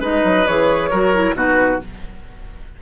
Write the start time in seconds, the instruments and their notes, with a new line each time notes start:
0.00 bassoon G#3, clarinet D#4, oboe B4, flute D#5
0.24 bassoon F#3
0.47 bassoon E3, clarinet G#4, flute C#5
0.90 bassoon F#3, clarinet F#4, oboe A#4
1.14 clarinet E4
1.33 bassoon B2, clarinet D#4, oboe F#4, flute B4